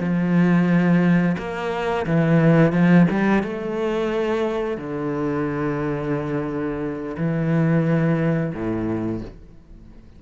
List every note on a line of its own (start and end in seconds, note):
0.00 1.36 F3
1.38 2.06 A#3
2.06 2.72 E3
2.72 3.07 F3
3.11 3.43 G3
3.43 4.78 A3
4.78 7.16 D3
7.17 8.53 E3
8.54 9.22 A2